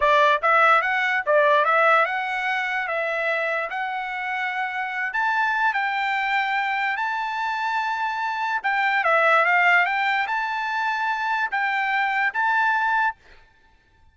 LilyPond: \new Staff \with { instrumentName = "trumpet" } { \time 4/4 \tempo 4 = 146 d''4 e''4 fis''4 d''4 | e''4 fis''2 e''4~ | e''4 fis''2.~ | fis''8 a''4. g''2~ |
g''4 a''2.~ | a''4 g''4 e''4 f''4 | g''4 a''2. | g''2 a''2 | }